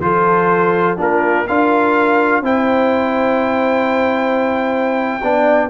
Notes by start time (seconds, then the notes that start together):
0.00 F3 F4 A4 C5
0.97 A#3 D4 F4 A#4
1.47 D4 F4 A#4 F5
2.41 C4 E4 C5 G5
5.23 B3 D4 D5